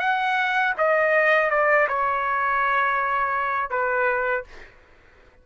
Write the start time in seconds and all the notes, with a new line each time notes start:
0.00 F#5
0.78 D#5
1.51 D5
1.89 C#5
3.70 B4